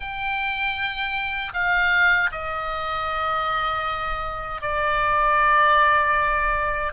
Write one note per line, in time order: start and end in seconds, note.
0.00 1.52 G5
1.53 2.30 F5
2.31 4.61 D#5
4.61 6.92 D5